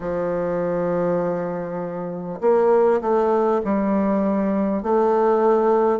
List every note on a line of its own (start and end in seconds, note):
0.00 2.39 F3
2.41 3.01 A#3
3.01 3.61 A3
3.64 4.82 G3
4.82 5.99 A3